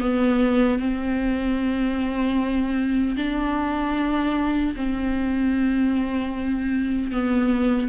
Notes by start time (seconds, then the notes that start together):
0.00 B3
0.79 C4
3.17 D4
4.76 C4
7.11 B3